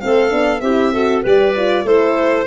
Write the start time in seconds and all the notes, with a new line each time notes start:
0.00 A3 C4 A4 F5
0.30 B3 D4
0.60 C4 E4 G4 E5
0.92 F#4 A4
1.23 G3 G4 B4 D5
1.56 F4
1.84 A3 E4 A4 C5